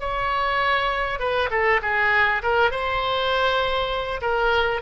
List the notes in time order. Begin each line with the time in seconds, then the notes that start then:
0.00 C#5
1.20 B4
1.51 A4
1.82 G#4
2.43 A#4
2.71 C5
4.22 A#4